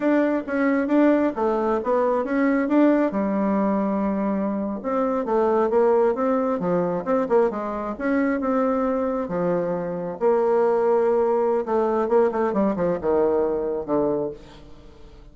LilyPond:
\new Staff \with { instrumentName = "bassoon" } { \time 4/4 \tempo 4 = 134 d'4 cis'4 d'4 a4 | b4 cis'4 d'4 g4~ | g2~ g8. c'4 a16~ | a8. ais4 c'4 f4 c'16~ |
c'16 ais8 gis4 cis'4 c'4~ c'16~ | c'8. f2 ais4~ ais16~ | ais2 a4 ais8 a8 | g8 f8 dis2 d4 | }